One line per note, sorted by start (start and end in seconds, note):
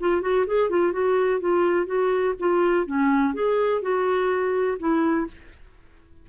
0.00 0.22 F4
0.22 0.46 F#4
0.47 0.70 G#4
0.70 0.93 F4
0.93 1.41 F#4
1.41 1.87 F4
1.87 2.35 F#4
2.40 2.87 F4
2.87 3.34 C#4
3.34 3.82 G#4
3.82 4.78 F#4
4.79 5.27 E4